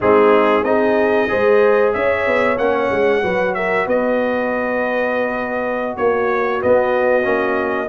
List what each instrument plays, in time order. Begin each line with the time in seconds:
0.00 tuba G#3, trombone C4, horn D#4, trumpet G#4
0.63 tuba C4, trombone D#4, horn G#4, trumpet D#5
1.28 tuba G#3, trombone G#4, horn C5
1.93 tuba C#4, horn C#5, trumpet E5
2.26 tuba B3
2.58 tuba A#3, trombone C#4, trumpet F#5
2.90 tuba G#3
3.22 tuba F#3, trombone F#4, horn B4
3.54 horn A#4, trumpet E5
3.86 tuba B3, horn B4, trumpet D#5
5.97 tuba A#3, horn F#4, trumpet C#5
6.61 trombone B3, tuba B3, trumpet D#5
7.23 tuba A#3, trombone C#4